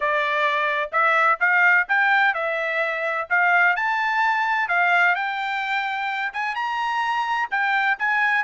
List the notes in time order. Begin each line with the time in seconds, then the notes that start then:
0.00 D5
0.91 E5
1.40 F5
1.88 G5
2.34 E5
3.29 F5
3.75 A5
4.68 F5
5.15 G5
6.33 G#5
6.55 A#5
7.50 G5
7.99 G#5